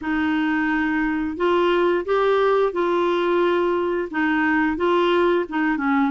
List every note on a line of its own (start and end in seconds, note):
0.01 1.36 D#4
1.36 2.05 F4
2.05 2.72 G4
2.72 4.08 F4
4.10 4.76 D#4
4.76 5.45 F4
5.49 5.77 D#4
5.77 6.10 C#4